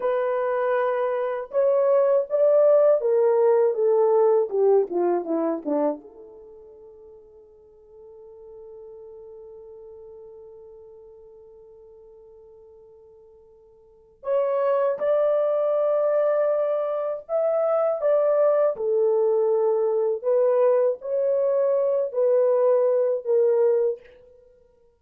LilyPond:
\new Staff \with { instrumentName = "horn" } { \time 4/4 \tempo 4 = 80 b'2 cis''4 d''4 | ais'4 a'4 g'8 f'8 e'8 d'8 | a'1~ | a'1~ |
a'2. cis''4 | d''2. e''4 | d''4 a'2 b'4 | cis''4. b'4. ais'4 | }